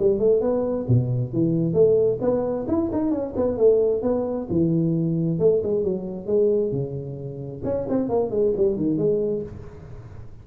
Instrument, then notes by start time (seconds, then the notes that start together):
tuba
0.00 G3
0.19 A3
0.41 B3
0.89 B2
1.34 E3
1.74 A3
2.21 B3
2.68 E4
2.93 D#4
3.12 C#4
3.37 B3
3.58 A3
4.03 B3
4.51 E3
5.40 A3
5.64 G#3
5.84 F#3
6.27 G#3
6.72 C#3
7.65 C#4
7.89 C4
8.10 A#3
8.31 G#3
8.57 G3
8.77 D#3
8.98 G#3